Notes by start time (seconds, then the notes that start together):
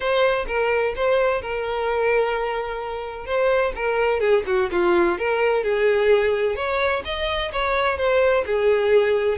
0.00 C5
0.47 A#4
0.95 C5
1.41 A#4
3.26 C5
3.75 A#4
4.20 G#4
4.46 F#4
4.71 F4
5.18 A#4
5.63 G#4
6.55 C#5
7.04 D#5
7.52 C#5
7.97 C5
8.45 G#4